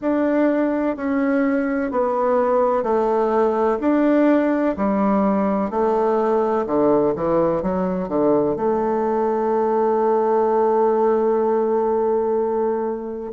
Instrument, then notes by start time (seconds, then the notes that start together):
bassoon
0.01 D4
0.96 C#4
1.91 B3
2.83 A3
3.80 D4
4.76 G3
5.70 A3
6.66 D3
7.15 E3
7.62 F#3
8.08 D3
8.56 A3